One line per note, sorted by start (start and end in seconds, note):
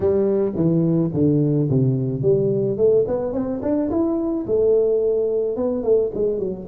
0.00 0.52 G3
0.55 1.11 E3
1.13 1.69 D3
1.69 2.21 C3
2.21 2.77 G3
2.77 3.04 A3
3.07 3.33 B3
3.33 3.60 C4
3.62 3.89 D4
3.90 4.45 E4
4.46 5.56 A3
5.56 5.83 B3
5.83 6.10 A3
6.14 6.39 G#3
6.39 6.67 F#3